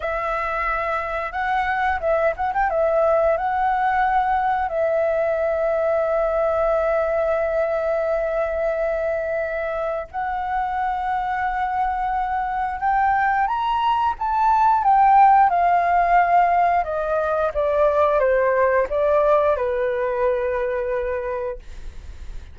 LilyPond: \new Staff \with { instrumentName = "flute" } { \time 4/4 \tempo 4 = 89 e''2 fis''4 e''8 fis''16 g''16 | e''4 fis''2 e''4~ | e''1~ | e''2. fis''4~ |
fis''2. g''4 | ais''4 a''4 g''4 f''4~ | f''4 dis''4 d''4 c''4 | d''4 b'2. | }